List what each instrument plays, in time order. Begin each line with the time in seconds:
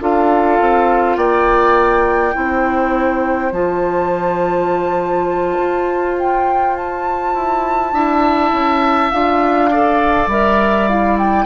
0.00 bassoon D4, clarinet F4, oboe A4, flute F5
0.60 bassoon C4
1.17 bassoon A#3, oboe D5, flute G5
2.33 bassoon C4, clarinet E4, oboe C5
3.52 bassoon F3, clarinet F4, flute A5
5.58 bassoon F4
6.19 flute G5
6.76 flute A5
7.35 bassoon E4
7.93 bassoon D4, clarinet E4, oboe E5
8.52 bassoon C#4
9.11 bassoon D4, clarinet F4, flute F5
9.71 clarinet A4, oboe D5
10.27 bassoon G3, clarinet A#4, flute E5
10.88 clarinet E4, flute F5
11.18 flute G5